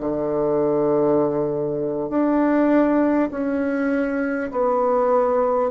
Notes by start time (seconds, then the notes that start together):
0.00 D3
2.10 D4
3.31 C#4
4.51 B3